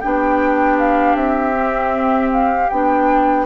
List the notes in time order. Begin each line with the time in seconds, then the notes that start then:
0.00 B3 D4 G4 G5
0.79 F5
1.15 C4 E5
1.54 C4
2.32 F5
2.69 B3 D4 G5